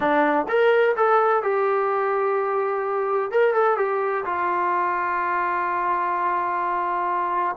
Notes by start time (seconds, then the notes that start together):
0.00 D4
0.48 A#4
0.96 A4
1.42 G4
3.31 A#4
3.53 A4
3.77 G4
4.25 F4